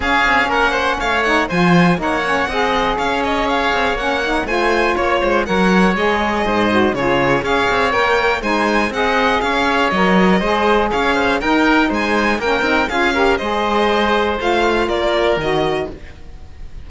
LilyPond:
<<
  \new Staff \with { instrumentName = "violin" } { \time 4/4 \tempo 4 = 121 f''4 fis''4 f''8 fis''8 gis''4 | fis''2 f''8 dis''8 f''4 | fis''4 gis''4 cis''4 fis''4 | dis''2 cis''4 f''4 |
g''4 gis''4 fis''4 f''4 | dis''2 f''4 g''4 | gis''4 g''4 f''4 dis''4~ | dis''4 f''4 d''4 dis''4 | }
  \new Staff \with { instrumentName = "oboe" } { \time 4/4 gis'4 ais'8 c''8 cis''4 c''4 | cis''4 dis''4 cis''2~ | cis''4 c''4 cis''8 c''8 cis''4~ | cis''4 c''4 gis'4 cis''4~ |
cis''4 c''4 dis''4 cis''4~ | cis''4 c''4 cis''8 c''8 ais'4 | c''4 ais'4 gis'8 ais'8 c''4~ | c''2 ais'2 | }
  \new Staff \with { instrumentName = "saxophone" } { \time 4/4 cis'2~ cis'8 dis'8 f'4 | dis'8 cis'8 gis'2. | cis'8 dis'8 f'2 ais'4 | gis'4. fis'8 f'4 gis'4 |
ais'4 dis'4 gis'2 | ais'4 gis'2 dis'4~ | dis'4 cis'8 dis'8 f'8 g'8 gis'4~ | gis'4 f'2 fis'4 | }
  \new Staff \with { instrumentName = "cello" } { \time 4/4 cis'8 c'8 ais4 a4 f4 | ais4 c'4 cis'4. c'8 | ais4 a4 ais8 gis8 fis4 | gis4 gis,4 cis4 cis'8 c'8 |
ais4 gis4 c'4 cis'4 | fis4 gis4 cis'4 dis'4 | gis4 ais8 c'8 cis'4 gis4~ | gis4 a4 ais4 dis4 | }
>>